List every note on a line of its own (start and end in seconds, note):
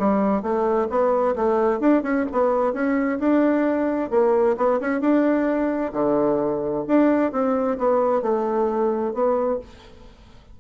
0.00 0.43 G3
0.43 0.89 A3
0.90 1.36 B3
1.36 1.80 A3
1.80 2.03 D4
2.03 2.26 C#4
2.32 2.74 B3
2.74 3.19 C#4
3.20 4.11 D4
4.11 4.57 A#3
4.58 4.81 B3
4.81 5.01 C#4
5.01 5.93 D4
5.93 6.85 D3
6.88 7.33 D4
7.33 7.78 C4
7.79 8.23 B3
8.23 9.14 A3
9.14 9.60 B3